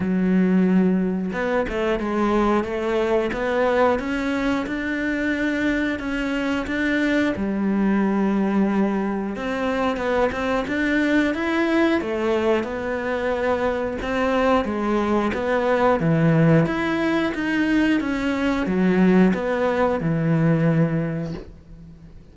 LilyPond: \new Staff \with { instrumentName = "cello" } { \time 4/4 \tempo 4 = 90 fis2 b8 a8 gis4 | a4 b4 cis'4 d'4~ | d'4 cis'4 d'4 g4~ | g2 c'4 b8 c'8 |
d'4 e'4 a4 b4~ | b4 c'4 gis4 b4 | e4 e'4 dis'4 cis'4 | fis4 b4 e2 | }